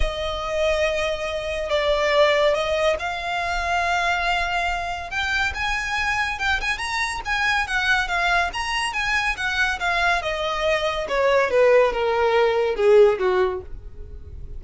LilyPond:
\new Staff \with { instrumentName = "violin" } { \time 4/4 \tempo 4 = 141 dis''1 | d''2 dis''4 f''4~ | f''1 | g''4 gis''2 g''8 gis''8 |
ais''4 gis''4 fis''4 f''4 | ais''4 gis''4 fis''4 f''4 | dis''2 cis''4 b'4 | ais'2 gis'4 fis'4 | }